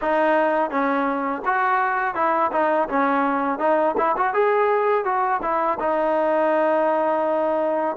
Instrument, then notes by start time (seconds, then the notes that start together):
trombone
0.01 D#4
0.70 C#4
1.45 F#4
2.15 E4
2.52 D#4
2.88 C#4
3.58 D#4
3.97 E4
4.17 F#4
4.33 G#4
5.04 F#4
5.42 E4
5.79 D#4